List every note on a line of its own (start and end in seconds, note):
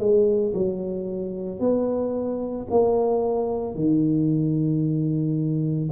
0.00 0.54 G#3
0.55 1.60 F#3
1.60 2.67 B3
2.71 3.75 A#3
3.75 5.90 D#3